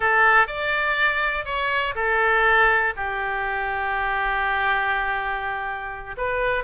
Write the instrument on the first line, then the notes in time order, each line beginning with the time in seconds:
oboe
0.00 A4
0.47 D5
1.45 C#5
1.95 A4
2.96 G4
6.17 B4